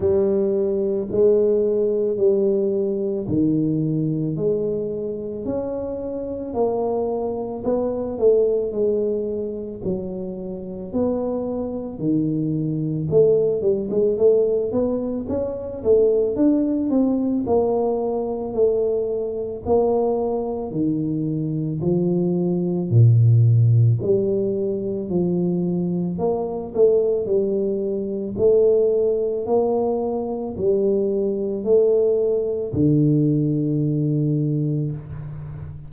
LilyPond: \new Staff \with { instrumentName = "tuba" } { \time 4/4 \tempo 4 = 55 g4 gis4 g4 dis4 | gis4 cis'4 ais4 b8 a8 | gis4 fis4 b4 dis4 | a8 g16 gis16 a8 b8 cis'8 a8 d'8 c'8 |
ais4 a4 ais4 dis4 | f4 ais,4 g4 f4 | ais8 a8 g4 a4 ais4 | g4 a4 d2 | }